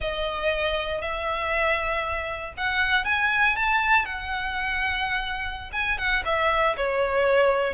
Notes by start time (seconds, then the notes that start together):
0.00 D#5
1.01 E5
2.57 F#5
3.05 G#5
3.56 A5
4.05 F#5
5.72 G#5
5.97 F#5
6.25 E5
6.76 C#5